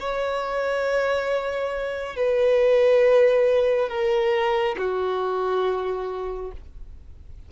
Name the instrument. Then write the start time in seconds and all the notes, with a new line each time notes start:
violin
0.00 C#5
2.17 B4
3.89 A#4
4.78 F#4